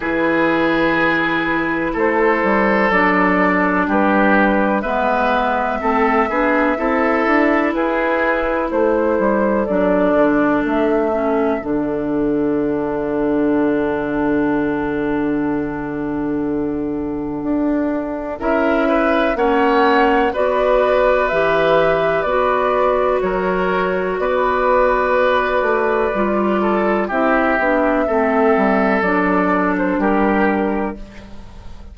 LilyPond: <<
  \new Staff \with { instrumentName = "flute" } { \time 4/4 \tempo 4 = 62 b'2 c''4 d''4 | b'4 e''2. | b'4 c''4 d''4 e''4 | fis''1~ |
fis''2. e''4 | fis''4 d''4 e''4 d''4 | cis''4 d''2. | e''2 d''8. c''16 ais'4 | }
  \new Staff \with { instrumentName = "oboe" } { \time 4/4 gis'2 a'2 | g'4 b'4 a'8 gis'8 a'4 | gis'4 a'2.~ | a'1~ |
a'2. ais'8 b'8 | cis''4 b'2. | ais'4 b'2~ b'8 a'8 | g'4 a'2 g'4 | }
  \new Staff \with { instrumentName = "clarinet" } { \time 4/4 e'2. d'4~ | d'4 b4 c'8 d'8 e'4~ | e'2 d'4. cis'8 | d'1~ |
d'2. e'4 | cis'4 fis'4 g'4 fis'4~ | fis'2. f'4 | e'8 d'8 c'4 d'2 | }
  \new Staff \with { instrumentName = "bassoon" } { \time 4/4 e2 a8 g8 fis4 | g4 gis4 a8 b8 c'8 d'8 | e'4 a8 g8 fis8 d8 a4 | d1~ |
d2 d'4 cis'4 | ais4 b4 e4 b4 | fis4 b4. a8 g4 | c'8 b8 a8 g8 fis4 g4 | }
>>